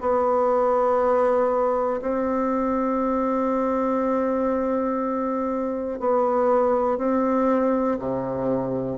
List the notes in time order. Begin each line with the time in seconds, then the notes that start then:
0.00 B3
2.01 C4
5.99 B3
6.97 C4
7.99 C3